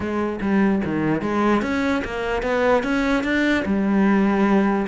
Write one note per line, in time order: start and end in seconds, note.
0.00 0.39 G#3
0.41 0.81 G3
0.84 1.21 D#3
1.21 1.62 G#3
1.62 2.02 C#4
2.04 2.42 A#3
2.42 2.83 B3
2.83 3.23 C#4
3.23 3.64 D4
3.65 4.86 G3